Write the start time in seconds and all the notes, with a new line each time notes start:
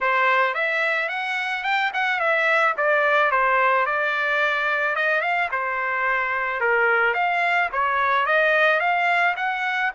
0.00 C5
0.54 E5
1.09 F#5
1.63 G5
1.93 F#5
2.19 E5
2.77 D5
3.31 C5
3.86 D5
4.95 D#5
5.21 F5
5.51 C5
6.60 A#4
7.14 F5
7.72 C#5
8.25 D#5
8.79 F5
9.36 F#5